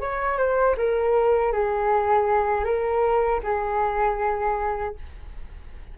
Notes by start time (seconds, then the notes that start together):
0.00 C#5
0.37 C5
0.77 A#4
1.52 G#4
2.64 A#4
3.43 G#4